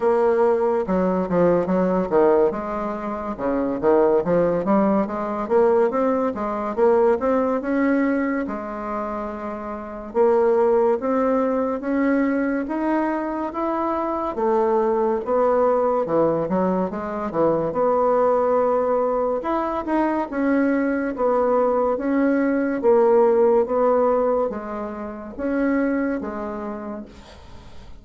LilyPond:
\new Staff \with { instrumentName = "bassoon" } { \time 4/4 \tempo 4 = 71 ais4 fis8 f8 fis8 dis8 gis4 | cis8 dis8 f8 g8 gis8 ais8 c'8 gis8 | ais8 c'8 cis'4 gis2 | ais4 c'4 cis'4 dis'4 |
e'4 a4 b4 e8 fis8 | gis8 e8 b2 e'8 dis'8 | cis'4 b4 cis'4 ais4 | b4 gis4 cis'4 gis4 | }